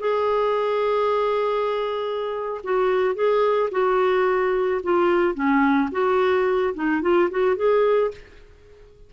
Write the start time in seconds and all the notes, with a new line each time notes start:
0.00 G#4
2.64 F#4
3.15 G#4
3.71 F#4
4.83 F4
5.35 C#4
5.92 F#4
6.75 D#4
7.02 F4
7.31 F#4
7.56 G#4